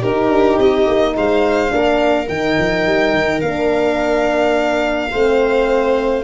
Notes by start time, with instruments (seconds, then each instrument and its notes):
0.00 horn D#4, tuba D#4, viola G4, violin A#4
0.29 tuba D4
0.58 tuba C4, violin D#5
0.88 tuba A#3
1.17 tuba G#3, viola C5, violin F5
1.70 tuba A#3, horn D4
1.76 viola A#4
2.29 tuba D#3, horn D#4, violin G5
2.60 tuba F3
2.87 tuba G3
3.14 tuba D#3
3.41 tuba A#3, horn D4, violin F5
5.11 tuba A3, horn C4, viola C5